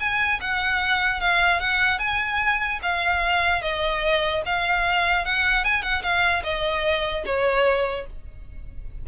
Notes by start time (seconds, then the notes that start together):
0.00 G#5
0.41 F#5
1.20 F5
1.60 F#5
1.99 G#5
2.83 F5
3.62 D#5
4.46 F5
5.26 F#5
5.65 G#5
5.82 F#5
6.03 F5
6.44 D#5
7.26 C#5